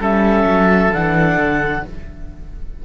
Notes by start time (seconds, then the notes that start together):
0.00 G3 C#4 A4 E5
0.44 F#3
0.92 E3 D4 F#5
1.37 D3